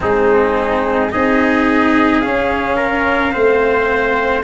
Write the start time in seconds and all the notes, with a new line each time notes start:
0.00 G#3 C4 D#4 G#4
1.11 C4 D#4 G#4 D#5
2.20 C#4 F5
2.76 A#4
3.31 A3 C4 C5